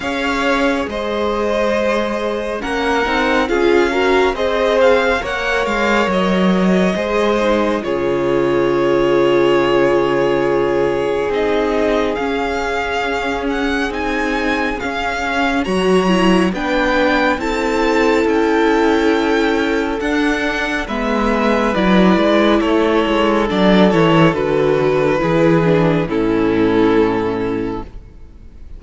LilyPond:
<<
  \new Staff \with { instrumentName = "violin" } { \time 4/4 \tempo 4 = 69 f''4 dis''2 fis''4 | f''4 dis''8 f''8 fis''8 f''8 dis''4~ | dis''4 cis''2.~ | cis''4 dis''4 f''4. fis''8 |
gis''4 f''4 ais''4 g''4 | a''4 g''2 fis''4 | e''4 d''4 cis''4 d''8 cis''8 | b'2 a'2 | }
  \new Staff \with { instrumentName = "violin" } { \time 4/4 cis''4 c''2 ais'4 | gis'8 ais'8 c''4 cis''2 | c''4 gis'2.~ | gis'1~ |
gis'2 cis''4 b'4 | a'1 | b'2 a'2~ | a'4 gis'4 e'2 | }
  \new Staff \with { instrumentName = "viola" } { \time 4/4 gis'2. cis'8 dis'8 | f'8 fis'8 gis'4 ais'2 | gis'8 dis'8 f'2.~ | f'4 dis'4 cis'2 |
dis'4 cis'4 fis'8 e'8 d'4 | e'2. d'4 | b4 e'2 d'8 e'8 | fis'4 e'8 d'8 cis'2 | }
  \new Staff \with { instrumentName = "cello" } { \time 4/4 cis'4 gis2 ais8 c'8 | cis'4 c'4 ais8 gis8 fis4 | gis4 cis2.~ | cis4 c'4 cis'2 |
c'4 cis'4 fis4 b4 | c'4 cis'2 d'4 | gis4 fis8 gis8 a8 gis8 fis8 e8 | d4 e4 a,2 | }
>>